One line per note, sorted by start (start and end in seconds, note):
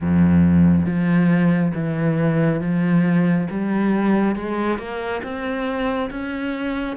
0.00 0.85 F2
0.85 1.72 F3
1.74 2.60 E3
2.60 3.47 F3
3.50 4.35 G3
4.35 4.78 G#3
4.78 5.21 A#3
5.23 6.10 C4
6.10 6.96 C#4